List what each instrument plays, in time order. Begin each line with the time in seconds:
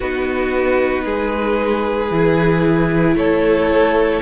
0.00 cello B3, viola D#4, violin F#4 B4
1.04 cello G#3, violin G#4
2.10 cello E3, viola E4
3.15 cello A3, violin A4 C#5